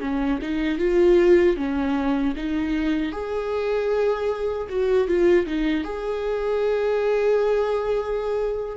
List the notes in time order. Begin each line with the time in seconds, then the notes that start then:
0.00 C#4
0.41 D#4
0.78 F4
1.56 C#4
2.36 D#4
3.12 G#4
4.69 F#4
5.08 F4
5.46 D#4
5.84 G#4